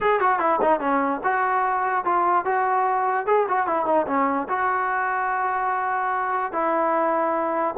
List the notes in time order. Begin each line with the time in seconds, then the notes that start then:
0.01 G#4
0.20 F#4
0.39 E4
0.61 D#4
0.80 C#4
1.23 F#4
2.04 F4
2.45 F#4
3.26 G#4
3.48 F#4
3.67 E4
3.85 D#4
4.06 C#4
4.48 F#4
6.52 E4